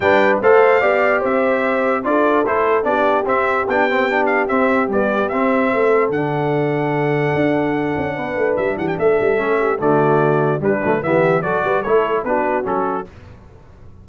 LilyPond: <<
  \new Staff \with { instrumentName = "trumpet" } { \time 4/4 \tempo 4 = 147 g''4 f''2 e''4~ | e''4 d''4 c''4 d''4 | e''4 g''4. f''8 e''4 | d''4 e''2 fis''4~ |
fis''1~ | fis''4 e''8 fis''16 g''16 e''2 | d''2 b'4 e''4 | d''4 cis''4 b'4 a'4 | }
  \new Staff \with { instrumentName = "horn" } { \time 4/4 b'4 c''4 d''4 c''4~ | c''4 a'2 g'4~ | g'1~ | g'2 a'2~ |
a'1 | b'4. g'8 a'4. g'8 | fis'2 d'4 g'4 | a'8 b'8 a'4 fis'2 | }
  \new Staff \with { instrumentName = "trombone" } { \time 4/4 d'4 a'4 g'2~ | g'4 f'4 e'4 d'4 | c'4 d'8 c'8 d'4 c'4 | g4 c'2 d'4~ |
d'1~ | d'2. cis'4 | a2 g8 a8 b4 | fis'4 e'4 d'4 cis'4 | }
  \new Staff \with { instrumentName = "tuba" } { \time 4/4 g4 a4 b4 c'4~ | c'4 d'4 a4 b4 | c'4 b2 c'4 | b4 c'4 a4 d4~ |
d2 d'4. cis'8 | b8 a8 g8 e8 a8 g8 a4 | d2 g8 fis8 e4 | fis8 g8 a4 b4 fis4 | }
>>